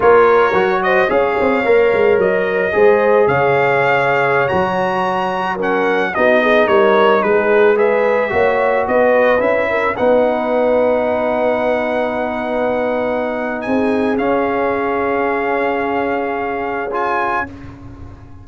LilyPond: <<
  \new Staff \with { instrumentName = "trumpet" } { \time 4/4 \tempo 4 = 110 cis''4. dis''8 f''2 | dis''2 f''2~ | f''16 ais''2 fis''4 dis''8.~ | dis''16 cis''4 b'4 e''4.~ e''16~ |
e''16 dis''4 e''4 fis''4.~ fis''16~ | fis''1~ | fis''4 gis''4 f''2~ | f''2. gis''4 | }
  \new Staff \with { instrumentName = "horn" } { \time 4/4 ais'4. c''8 cis''2~ | cis''4 c''4 cis''2~ | cis''2~ cis''16 ais'4 fis'8 gis'16~ | gis'16 ais'4 gis'4 b'4 cis''8.~ |
cis''16 b'4. ais'8 b'4.~ b'16~ | b'1~ | b'4 gis'2.~ | gis'1 | }
  \new Staff \with { instrumentName = "trombone" } { \time 4/4 f'4 fis'4 gis'4 ais'4~ | ais'4 gis'2.~ | gis'16 fis'2 cis'4 dis'8.~ | dis'2~ dis'16 gis'4 fis'8.~ |
fis'4~ fis'16 e'4 dis'4.~ dis'16~ | dis'1~ | dis'2 cis'2~ | cis'2. f'4 | }
  \new Staff \with { instrumentName = "tuba" } { \time 4/4 ais4 fis4 cis'8 c'8 ais8 gis8 | fis4 gis4 cis2~ | cis16 fis2. b8.~ | b16 g4 gis2 ais8.~ |
ais16 b4 cis'4 b4.~ b16~ | b1~ | b4 c'4 cis'2~ | cis'1 | }
>>